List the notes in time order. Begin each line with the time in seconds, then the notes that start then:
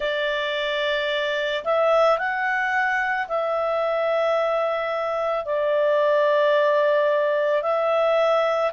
0.00 D5
1.64 E5
2.18 F#5
3.27 E5
5.45 D5
7.62 E5